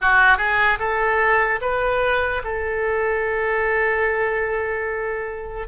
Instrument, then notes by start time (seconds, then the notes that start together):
oboe
0.01 F#4
0.37 G#4
0.79 A4
1.61 B4
2.44 A4